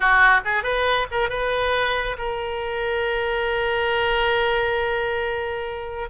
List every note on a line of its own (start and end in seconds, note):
0.00 0.40 F#4
0.44 0.63 G#4
0.63 1.07 B4
1.11 1.29 A#4
1.29 2.16 B4
2.18 6.09 A#4